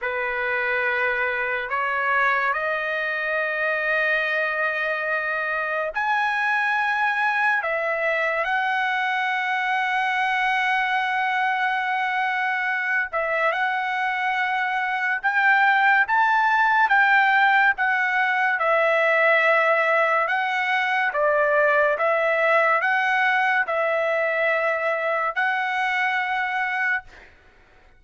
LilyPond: \new Staff \with { instrumentName = "trumpet" } { \time 4/4 \tempo 4 = 71 b'2 cis''4 dis''4~ | dis''2. gis''4~ | gis''4 e''4 fis''2~ | fis''2.~ fis''8 e''8 |
fis''2 g''4 a''4 | g''4 fis''4 e''2 | fis''4 d''4 e''4 fis''4 | e''2 fis''2 | }